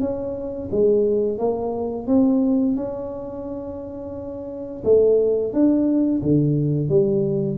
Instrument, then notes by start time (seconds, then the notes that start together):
tuba
0.00 C#4
0.71 G#3
1.38 A#3
2.07 C4
2.76 C#4
4.84 A3
5.53 D4
6.22 D3
6.89 G3